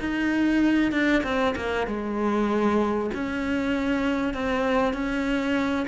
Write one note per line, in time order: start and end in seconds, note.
0.00 0.92 D#4
0.92 1.23 D4
1.24 1.55 C4
1.56 1.87 A#3
1.87 3.11 G#3
3.14 4.34 C#4
4.34 4.94 C4
4.94 5.87 C#4